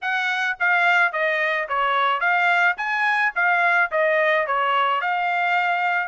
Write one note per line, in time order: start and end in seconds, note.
0.01 0.57 F#5
0.59 1.12 F5
1.12 1.67 D#5
1.68 2.20 C#5
2.20 2.76 F5
2.77 3.32 G#5
3.35 3.90 F5
3.91 4.46 D#5
4.46 5.01 C#5
5.01 6.08 F5